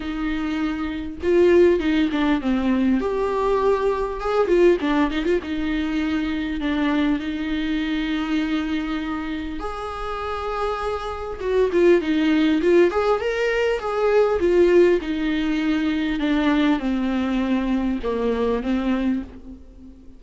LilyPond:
\new Staff \with { instrumentName = "viola" } { \time 4/4 \tempo 4 = 100 dis'2 f'4 dis'8 d'8 | c'4 g'2 gis'8 f'8 | d'8 dis'16 f'16 dis'2 d'4 | dis'1 |
gis'2. fis'8 f'8 | dis'4 f'8 gis'8 ais'4 gis'4 | f'4 dis'2 d'4 | c'2 ais4 c'4 | }